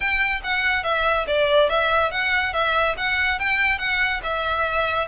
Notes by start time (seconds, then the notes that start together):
0.00 G5
0.43 F#5
0.83 E5
1.27 D5
1.69 E5
2.11 F#5
2.53 E5
2.97 F#5
3.39 G5
3.78 F#5
4.23 E5